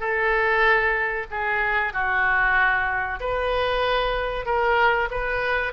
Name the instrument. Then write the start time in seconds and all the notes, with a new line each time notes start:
oboe
0.00 A4
1.31 G#4
1.93 F#4
3.20 B4
4.46 A#4
5.11 B4